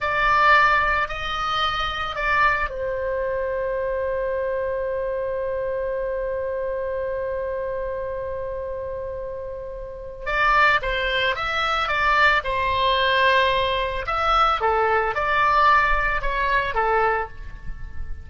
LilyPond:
\new Staff \with { instrumentName = "oboe" } { \time 4/4 \tempo 4 = 111 d''2 dis''2 | d''4 c''2.~ | c''1~ | c''1~ |
c''2. d''4 | c''4 e''4 d''4 c''4~ | c''2 e''4 a'4 | d''2 cis''4 a'4 | }